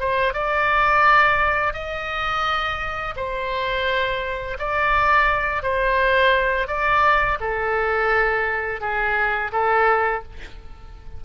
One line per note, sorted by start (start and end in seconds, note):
0.00 0.34 C5
0.34 1.73 D5
1.73 3.14 D#5
3.16 4.58 C5
4.59 5.63 D5
5.63 6.67 C5
6.67 7.38 D5
7.40 8.81 A4
8.81 9.51 G#4
9.52 10.23 A4